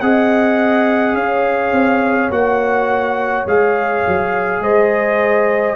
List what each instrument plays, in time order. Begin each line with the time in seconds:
0.00 tuba C4, trombone G#4, horn D#5, trumpet F#5
1.14 tuba C#4, horn C#5, trumpet F5
1.71 tuba C4
2.30 tuba A#3, trombone F#4, trumpet F#5
3.46 tuba G#3, trombone G#4, trumpet F5
4.07 tuba F#3
4.60 tuba G#3, horn C5, trumpet D#5